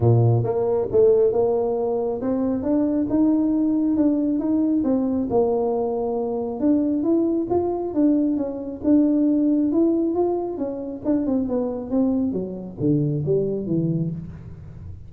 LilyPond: \new Staff \with { instrumentName = "tuba" } { \time 4/4 \tempo 4 = 136 ais,4 ais4 a4 ais4~ | ais4 c'4 d'4 dis'4~ | dis'4 d'4 dis'4 c'4 | ais2. d'4 |
e'4 f'4 d'4 cis'4 | d'2 e'4 f'4 | cis'4 d'8 c'8 b4 c'4 | fis4 d4 g4 e4 | }